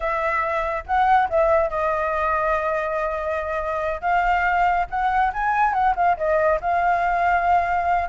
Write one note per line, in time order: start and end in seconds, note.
0.00 0.83 E5
0.86 1.28 F#5
1.29 1.70 E5
1.70 4.01 D#5
4.01 4.86 F5
4.89 5.32 F#5
5.33 5.73 G#5
5.73 5.94 F#5
5.95 6.16 F5
6.17 6.59 D#5
6.60 8.08 F5